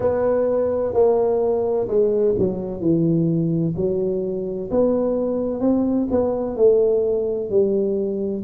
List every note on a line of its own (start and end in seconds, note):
0.00 0.93 B3
0.93 1.87 A#3
1.87 2.34 G#3
2.38 2.80 F#3
2.80 3.74 E3
3.76 4.70 F#3
4.70 5.60 B3
5.60 6.07 C4
6.10 6.56 B3
6.56 7.50 A3
7.50 8.43 G3